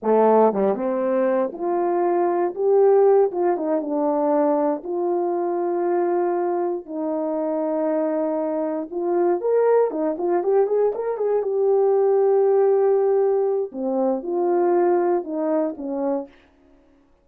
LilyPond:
\new Staff \with { instrumentName = "horn" } { \time 4/4 \tempo 4 = 118 a4 g8 c'4. f'4~ | f'4 g'4. f'8 dis'8 d'8~ | d'4. f'2~ f'8~ | f'4. dis'2~ dis'8~ |
dis'4. f'4 ais'4 dis'8 | f'8 g'8 gis'8 ais'8 gis'8 g'4.~ | g'2. c'4 | f'2 dis'4 cis'4 | }